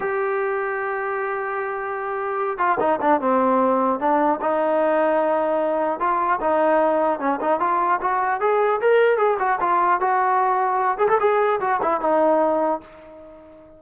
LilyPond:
\new Staff \with { instrumentName = "trombone" } { \time 4/4 \tempo 4 = 150 g'1~ | g'2~ g'8 f'8 dis'8 d'8 | c'2 d'4 dis'4~ | dis'2. f'4 |
dis'2 cis'8 dis'8 f'4 | fis'4 gis'4 ais'4 gis'8 fis'8 | f'4 fis'2~ fis'8 gis'16 a'16 | gis'4 fis'8 e'8 dis'2 | }